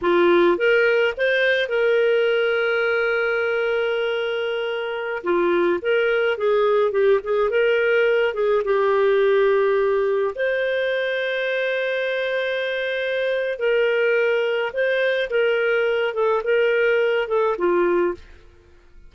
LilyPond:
\new Staff \with { instrumentName = "clarinet" } { \time 4/4 \tempo 4 = 106 f'4 ais'4 c''4 ais'4~ | ais'1~ | ais'4~ ais'16 f'4 ais'4 gis'8.~ | gis'16 g'8 gis'8 ais'4. gis'8 g'8.~ |
g'2~ g'16 c''4.~ c''16~ | c''1 | ais'2 c''4 ais'4~ | ais'8 a'8 ais'4. a'8 f'4 | }